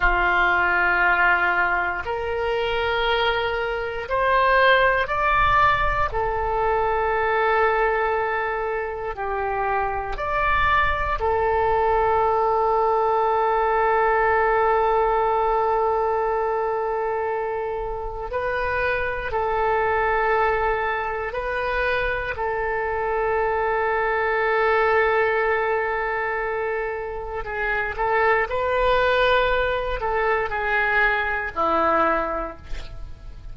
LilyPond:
\new Staff \with { instrumentName = "oboe" } { \time 4/4 \tempo 4 = 59 f'2 ais'2 | c''4 d''4 a'2~ | a'4 g'4 d''4 a'4~ | a'1~ |
a'2 b'4 a'4~ | a'4 b'4 a'2~ | a'2. gis'8 a'8 | b'4. a'8 gis'4 e'4 | }